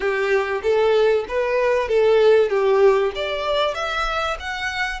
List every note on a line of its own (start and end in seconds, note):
0.00 0.61 G4
0.62 1.25 A4
1.28 1.88 B4
1.88 2.49 A4
2.49 3.12 G4
3.15 3.74 D5
3.74 4.37 E5
4.39 5.00 F#5